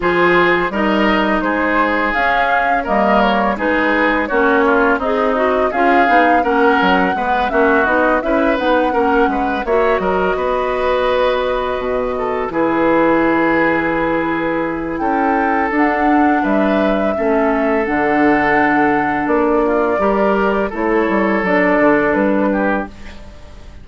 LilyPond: <<
  \new Staff \with { instrumentName = "flute" } { \time 4/4 \tempo 4 = 84 c''4 dis''4 c''4 f''4 | dis''8 cis''8 b'4 cis''4 dis''4 | f''4 fis''4. e''8 dis''8 e''8 | fis''4. e''8 dis''2~ |
dis''4. b'2~ b'8~ | b'4 g''4 fis''4 e''4~ | e''4 fis''2 d''4~ | d''4 cis''4 d''4 b'4 | }
  \new Staff \with { instrumentName = "oboe" } { \time 4/4 gis'4 ais'4 gis'2 | ais'4 gis'4 fis'8 f'8 dis'4 | gis'4 ais'4 b'8 fis'4 b'8~ | b'8 ais'8 b'8 cis''8 ais'8 b'4.~ |
b'4 a'8 gis'2~ gis'8~ | gis'4 a'2 b'4 | a'2.~ a'8 f'8 | ais'4 a'2~ a'8 g'8 | }
  \new Staff \with { instrumentName = "clarinet" } { \time 4/4 f'4 dis'2 cis'4 | ais4 dis'4 cis'4 gis'8 fis'8 | f'8 dis'8 cis'4 b8 cis'8 dis'8 e'8 | dis'8 cis'4 fis'2~ fis'8~ |
fis'4. e'2~ e'8~ | e'2 d'2 | cis'4 d'2. | g'4 e'4 d'2 | }
  \new Staff \with { instrumentName = "bassoon" } { \time 4/4 f4 g4 gis4 cis'4 | g4 gis4 ais4 c'4 | cis'8 b8 ais8 fis8 gis8 ais8 b8 cis'8 | b8 ais8 gis8 ais8 fis8 b4.~ |
b8 b,4 e2~ e8~ | e4 cis'4 d'4 g4 | a4 d2 ais4 | g4 a8 g8 fis8 d8 g4 | }
>>